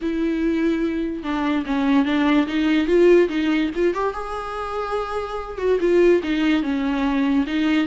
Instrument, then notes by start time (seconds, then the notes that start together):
viola
0.01 E4
1.23 D4
1.66 C#4
2.05 D4
2.47 D#4
2.87 F4
3.28 D#4
3.75 F4
3.94 G4
4.13 G#4
5.58 F#4
5.80 F4
6.23 D#4
6.62 C#4
7.46 D#4